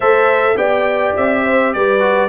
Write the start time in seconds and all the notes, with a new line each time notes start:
0.00 A3 A4 C5 E5
0.56 B3 G4 D5 G5
1.16 C4 E5
1.44 C5
1.73 G3 B4 D5
1.99 F#4